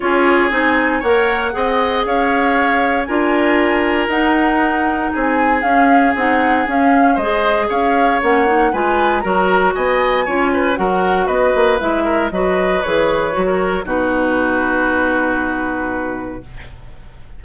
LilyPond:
<<
  \new Staff \with { instrumentName = "flute" } { \time 4/4 \tempo 4 = 117 cis''4 gis''4 fis''2 | f''2 gis''2 | fis''2 gis''4 f''4 | fis''4 f''4 dis''4 f''4 |
fis''4 gis''4 ais''4 gis''4~ | gis''4 fis''4 dis''4 e''4 | dis''4 cis''2 b'4~ | b'1 | }
  \new Staff \with { instrumentName = "oboe" } { \time 4/4 gis'2 cis''4 dis''4 | cis''2 ais'2~ | ais'2 gis'2~ | gis'2 c''4 cis''4~ |
cis''4 b'4 ais'4 dis''4 | cis''8 b'8 ais'4 b'4. ais'8 | b'2~ b'16 ais'8. fis'4~ | fis'1 | }
  \new Staff \with { instrumentName = "clarinet" } { \time 4/4 f'4 dis'4 ais'4 gis'4~ | gis'2 f'2 | dis'2. cis'4 | dis'4 cis'4 gis'2 |
cis'8 dis'8 f'4 fis'2 | f'4 fis'2 e'4 | fis'4 gis'4 fis'4 dis'4~ | dis'1 | }
  \new Staff \with { instrumentName = "bassoon" } { \time 4/4 cis'4 c'4 ais4 c'4 | cis'2 d'2 | dis'2 c'4 cis'4 | c'4 cis'4 gis4 cis'4 |
ais4 gis4 fis4 b4 | cis'4 fis4 b8 ais8 gis4 | fis4 e4 fis4 b,4~ | b,1 | }
>>